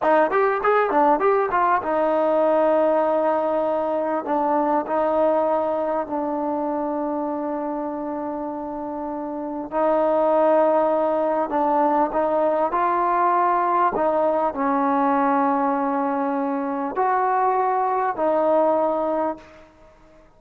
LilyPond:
\new Staff \with { instrumentName = "trombone" } { \time 4/4 \tempo 4 = 99 dis'8 g'8 gis'8 d'8 g'8 f'8 dis'4~ | dis'2. d'4 | dis'2 d'2~ | d'1 |
dis'2. d'4 | dis'4 f'2 dis'4 | cis'1 | fis'2 dis'2 | }